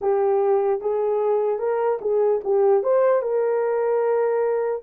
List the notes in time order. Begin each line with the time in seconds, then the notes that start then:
0.01 G4
0.80 G#4
1.58 A#4
2.01 G#4
2.44 G4
2.83 C5
3.21 A#4